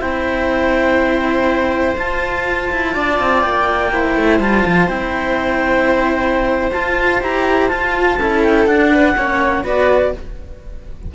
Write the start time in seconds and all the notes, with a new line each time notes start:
0.00 C4 E4 C5 G5
1.96 F4 A5
2.71 E4
2.94 D4 D5
3.20 C4
3.41 A#3 G5
3.92 E4 C5
4.16 A3
4.39 G3 F4 A5
4.66 F3
4.88 C4 E4 G5
6.72 F4 A5
7.21 E4 G4 A#5
7.69 F4 A5
8.19 C#4 E4 A4
8.43 G5
8.66 D4 F#5
8.90 B4
9.17 A#3 C#4 C#5
9.63 B3 F#4 B4 D5